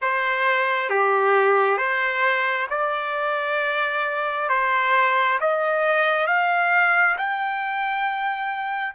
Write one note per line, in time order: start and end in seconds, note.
0.01 0.89 C5
0.89 1.77 G4
1.77 2.67 C5
2.70 4.49 D5
4.49 5.38 C5
5.40 6.26 D#5
6.26 7.16 F5
7.17 8.95 G5